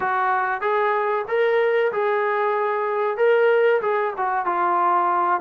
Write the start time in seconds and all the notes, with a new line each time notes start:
0.00 F#4
0.61 G#4
1.28 A#4
1.92 G#4
3.17 A#4
3.81 G#4
4.17 F#4
4.45 F4